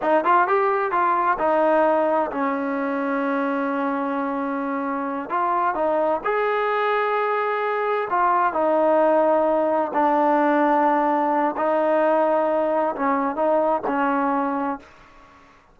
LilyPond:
\new Staff \with { instrumentName = "trombone" } { \time 4/4 \tempo 4 = 130 dis'8 f'8 g'4 f'4 dis'4~ | dis'4 cis'2.~ | cis'2.~ cis'8 f'8~ | f'8 dis'4 gis'2~ gis'8~ |
gis'4. f'4 dis'4.~ | dis'4. d'2~ d'8~ | d'4 dis'2. | cis'4 dis'4 cis'2 | }